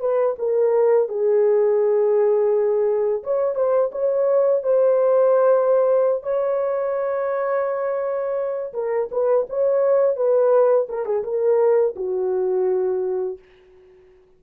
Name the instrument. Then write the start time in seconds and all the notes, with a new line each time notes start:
horn
0.00 B4
0.39 A#4
1.09 G#4
3.23 C#5
3.55 C5
3.92 C#5
4.63 C5
6.23 C#5
8.74 A#4
9.12 B4
9.49 C#5
10.16 B4
10.89 A#4
11.06 G#4
11.24 A#4
11.96 F#4